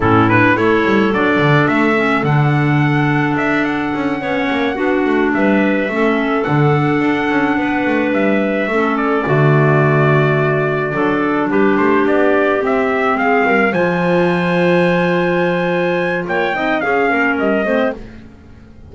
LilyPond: <<
  \new Staff \with { instrumentName = "trumpet" } { \time 4/4 \tempo 4 = 107 a'8 b'8 cis''4 d''4 e''4 | fis''2 e''8 fis''4.~ | fis''4. e''2 fis''8~ | fis''2~ fis''8 e''4. |
d''1~ | d''8 b'8 c''8 d''4 e''4 f''8~ | f''8 gis''2.~ gis''8~ | gis''4 g''4 f''4 dis''4 | }
  \new Staff \with { instrumentName = "clarinet" } { \time 4/4 e'4 a'2.~ | a'2.~ a'8 cis''8~ | cis''8 fis'4 b'4 a'4.~ | a'4. b'2 a'8~ |
a'8 fis'2. a'8~ | a'8 g'2. gis'8 | ais'8 c''2.~ c''8~ | c''4 cis''8 dis''8 gis'8 ais'4 c''8 | }
  \new Staff \with { instrumentName = "clarinet" } { \time 4/4 cis'8 d'8 e'4 d'4. cis'8 | d'2.~ d'8 cis'8~ | cis'8 d'2 cis'4 d'8~ | d'2.~ d'8 cis'8~ |
cis'8 a2. d'8~ | d'2~ d'8 c'4.~ | c'8 f'2.~ f'8~ | f'4. dis'8 cis'4. c'8 | }
  \new Staff \with { instrumentName = "double bass" } { \time 4/4 a,4 a8 g8 fis8 d8 a4 | d2 d'4 cis'8 b8 | ais8 b8 a8 g4 a4 d8~ | d8 d'8 cis'8 b8 a8 g4 a8~ |
a8 d2. fis8~ | fis8 g8 a8 b4 c'4 gis8 | g8 f2.~ f8~ | f4 ais8 c'8 cis'8 ais8 g8 a8 | }
>>